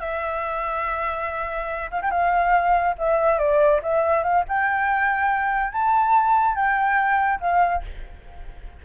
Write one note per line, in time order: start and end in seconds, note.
0.00 1.90 E5
1.91 2.02 F5
2.02 2.11 G5
2.11 2.95 F5
2.98 3.39 E5
3.39 3.81 D5
3.83 4.23 E5
4.23 4.44 F5
4.48 5.73 G5
5.73 6.56 A5
6.56 7.40 G5
7.40 7.82 F5